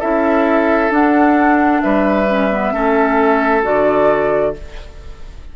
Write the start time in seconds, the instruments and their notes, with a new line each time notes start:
0.00 bassoon C#4, clarinet E4, oboe A4, flute E5
0.91 bassoon D4, clarinet D4, flute F#5
1.82 bassoon G3, oboe B4, flute E5
2.28 clarinet C#4
2.51 clarinet B3
2.73 bassoon A3, clarinet C#4, oboe A4
3.63 bassoon D3, clarinet F#4, flute D5